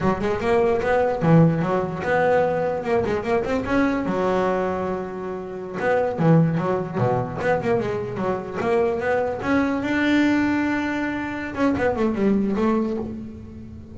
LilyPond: \new Staff \with { instrumentName = "double bass" } { \time 4/4 \tempo 4 = 148 fis8 gis8 ais4 b4 e4 | fis4 b2 ais8 gis8 | ais8 c'8 cis'4 fis2~ | fis2~ fis16 b4 e8.~ |
e16 fis4 b,4 b8 ais8 gis8.~ | gis16 fis4 ais4 b4 cis'8.~ | cis'16 d'2.~ d'8.~ | d'8 cis'8 b8 a8 g4 a4 | }